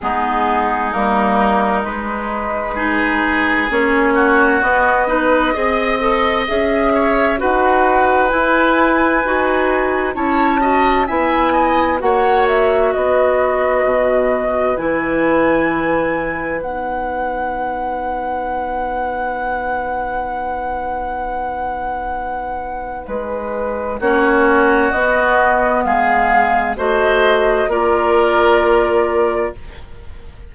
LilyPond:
<<
  \new Staff \with { instrumentName = "flute" } { \time 4/4 \tempo 4 = 65 gis'4 ais'4 b'2 | cis''4 dis''2 e''4 | fis''4 gis''2 a''4 | gis''4 fis''8 e''8 dis''2 |
gis''2 fis''2~ | fis''1~ | fis''4 b'4 cis''4 dis''4 | f''4 dis''4 d''2 | }
  \new Staff \with { instrumentName = "oboe" } { \time 4/4 dis'2. gis'4~ | gis'8 fis'4 b'8 dis''4. cis''8 | b'2. cis''8 dis''8 | e''8 dis''8 cis''4 b'2~ |
b'1~ | b'1~ | b'2 fis'2 | gis'4 c''4 ais'2 | }
  \new Staff \with { instrumentName = "clarinet" } { \time 4/4 b4 ais4 gis4 dis'4 | cis'4 b8 dis'8 gis'8 a'8 gis'4 | fis'4 e'4 fis'4 e'8 fis'8 | e'4 fis'2. |
e'2 dis'2~ | dis'1~ | dis'2 cis'4 b4~ | b4 fis'4 f'2 | }
  \new Staff \with { instrumentName = "bassoon" } { \time 4/4 gis4 g4 gis2 | ais4 b4 c'4 cis'4 | dis'4 e'4 dis'4 cis'4 | b4 ais4 b4 b,4 |
e2 b2~ | b1~ | b4 gis4 ais4 b4 | gis4 a4 ais2 | }
>>